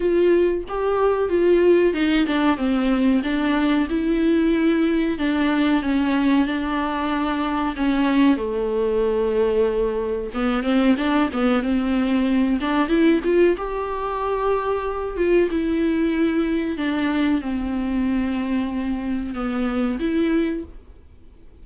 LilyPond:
\new Staff \with { instrumentName = "viola" } { \time 4/4 \tempo 4 = 93 f'4 g'4 f'4 dis'8 d'8 | c'4 d'4 e'2 | d'4 cis'4 d'2 | cis'4 a2. |
b8 c'8 d'8 b8 c'4. d'8 | e'8 f'8 g'2~ g'8 f'8 | e'2 d'4 c'4~ | c'2 b4 e'4 | }